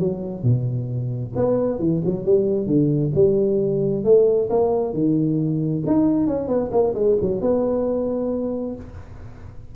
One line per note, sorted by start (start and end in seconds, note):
0.00 0.44 F#3
0.44 1.33 B2
1.36 1.80 B3
1.80 2.02 E3
2.05 2.26 F#3
2.26 2.67 G3
2.67 3.12 D3
3.15 4.05 G3
4.05 4.50 A3
4.50 4.94 A#3
4.94 5.84 D#3
5.87 6.27 D#4
6.27 6.48 C#4
6.48 6.71 B3
6.72 6.95 A#3
6.95 7.18 G#3
7.22 7.41 F#3
7.41 8.76 B3